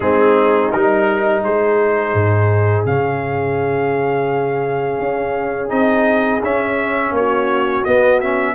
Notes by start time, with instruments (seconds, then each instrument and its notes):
0.00 tuba G#3, trombone C4, horn D#4, trumpet G#4
0.71 tuba G3, trombone D#4, trumpet A#4
1.43 tuba G#3, horn G#4, trumpet C5
2.14 tuba G#2
2.85 tuba C#3, trombone C#4, trumpet F5
4.99 tuba C#4
5.68 tuba C4, trombone D#4, trumpet D#5
6.43 tuba C#4, trombone C#4, trumpet E5
7.11 tuba A#3, horn F#4, trumpet C#5
7.84 trombone B3, tuba B3, trumpet D#5
8.20 trombone C#4, trumpet E5